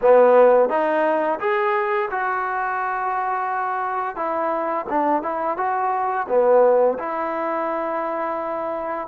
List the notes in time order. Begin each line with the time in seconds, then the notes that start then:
0.01 B3
0.69 D#4
1.39 G#4
2.11 F#4
4.15 E4
4.89 D4
5.22 E4
5.57 F#4
6.28 B3
6.99 E4